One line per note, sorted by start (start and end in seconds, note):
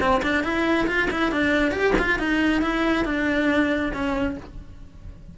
0.00 0.22 C4
0.23 0.43 D4
0.43 0.87 E4
0.87 1.09 F4
1.10 1.31 E4
1.31 1.72 D4
1.72 1.93 G4
1.99 2.19 F4
2.19 2.61 D#4
2.61 3.05 E4
3.05 3.92 D4
3.93 4.37 C#4